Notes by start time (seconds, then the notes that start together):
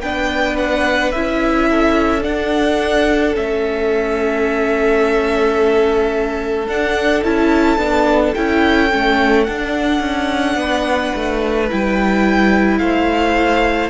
0.00 B3 D4 B4 G5
0.57 F#5
1.11 C#4 E4 E5
1.70 A4
2.21 D4 F#5
3.34 A3 C#4 E5
6.67 D4 F#5
7.23 C#4 E4 A5
7.77 B3 D4
8.34 C#4 E4 G5
8.90 A3 C#4
9.44 D4 F#5
10.00 C#4
10.55 B3 B4
11.15 A3
11.70 G3 E4 G5
12.78 A3 C5 F5